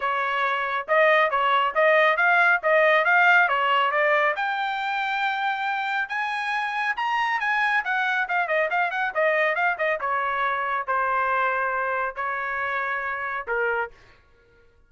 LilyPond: \new Staff \with { instrumentName = "trumpet" } { \time 4/4 \tempo 4 = 138 cis''2 dis''4 cis''4 | dis''4 f''4 dis''4 f''4 | cis''4 d''4 g''2~ | g''2 gis''2 |
ais''4 gis''4 fis''4 f''8 dis''8 | f''8 fis''8 dis''4 f''8 dis''8 cis''4~ | cis''4 c''2. | cis''2. ais'4 | }